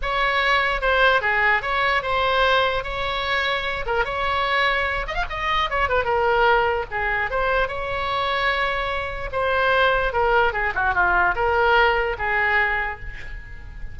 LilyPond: \new Staff \with { instrumentName = "oboe" } { \time 4/4 \tempo 4 = 148 cis''2 c''4 gis'4 | cis''4 c''2 cis''4~ | cis''4. ais'8 cis''2~ | cis''8 dis''16 f''16 dis''4 cis''8 b'8 ais'4~ |
ais'4 gis'4 c''4 cis''4~ | cis''2. c''4~ | c''4 ais'4 gis'8 fis'8 f'4 | ais'2 gis'2 | }